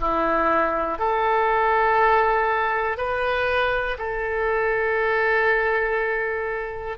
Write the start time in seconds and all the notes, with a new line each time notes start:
0.00 E4
0.98 A4
2.97 B4
3.98 A4